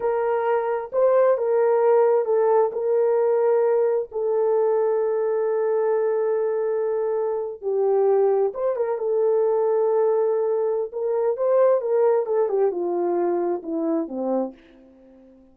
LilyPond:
\new Staff \with { instrumentName = "horn" } { \time 4/4 \tempo 4 = 132 ais'2 c''4 ais'4~ | ais'4 a'4 ais'2~ | ais'4 a'2.~ | a'1~ |
a'8. g'2 c''8 ais'8 a'16~ | a'1 | ais'4 c''4 ais'4 a'8 g'8 | f'2 e'4 c'4 | }